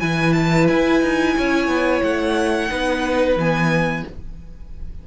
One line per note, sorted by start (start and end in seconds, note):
0.00 0.69 E3
0.00 2.70 E4
0.00 1.36 B4
0.00 0.33 G#5
0.33 0.67 A5
0.68 1.02 E4
0.68 2.03 G#5
1.02 1.36 D#4
1.37 1.68 C#4
1.37 2.71 C#5
1.68 2.01 B3
2.03 2.71 A3
2.03 3.38 F#5
2.70 3.36 B3
2.70 3.37 D#4
2.70 4.06 B4
3.36 4.04 E3
3.36 4.07 B3
3.36 4.08 G#5